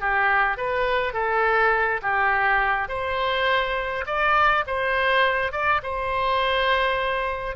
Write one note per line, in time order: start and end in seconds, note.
0.00 0.57 G4
0.57 1.13 B4
1.13 2.01 A4
2.02 2.88 G4
2.88 4.05 C5
4.06 4.64 D5
4.67 5.52 C5
5.52 5.81 D5
5.83 7.56 C5